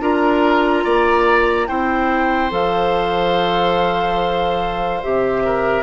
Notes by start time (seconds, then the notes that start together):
0.00 D4 F4 A#4 A#5
0.84 A#3 D5
1.67 C4 E4 C5 G5
2.49 F3 A4 F5
5.02 C3 G4 E5
5.44 A#4